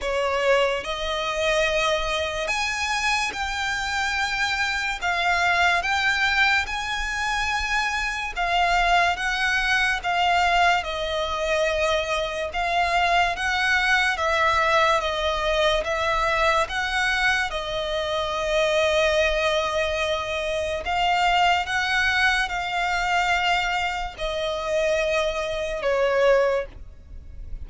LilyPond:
\new Staff \with { instrumentName = "violin" } { \time 4/4 \tempo 4 = 72 cis''4 dis''2 gis''4 | g''2 f''4 g''4 | gis''2 f''4 fis''4 | f''4 dis''2 f''4 |
fis''4 e''4 dis''4 e''4 | fis''4 dis''2.~ | dis''4 f''4 fis''4 f''4~ | f''4 dis''2 cis''4 | }